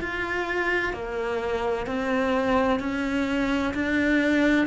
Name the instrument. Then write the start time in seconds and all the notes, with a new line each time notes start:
cello
0.00 F4
0.93 A#3
1.86 C4
2.79 C#4
3.74 D4